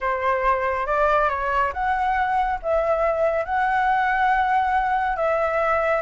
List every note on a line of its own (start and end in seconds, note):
0.00 0.86 C5
0.86 1.29 D5
1.29 1.72 C#5
1.73 2.59 F#5
2.62 3.45 E5
3.45 5.16 F#5
5.16 6.01 E5